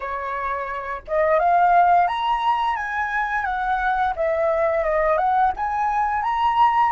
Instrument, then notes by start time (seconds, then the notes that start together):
flute
0.00 C#5
1.07 D#5
1.39 F5
2.07 A#5
2.76 G#5
3.45 F#5
4.15 E5
4.83 D#5
5.17 F#5
5.56 G#5
6.23 A#5